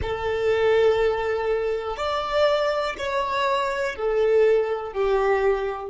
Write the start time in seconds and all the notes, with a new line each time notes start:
0.01 A4
1.97 D5
2.98 C#5
3.95 A4
4.92 G4